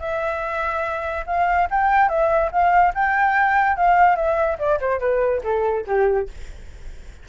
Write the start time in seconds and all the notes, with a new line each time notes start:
0.00 E5
1.27 F5
1.71 G5
2.09 E5
2.52 F5
2.95 G5
3.77 F5
4.16 E5
4.59 D5
4.80 C5
5.00 B4
5.44 A4
5.87 G4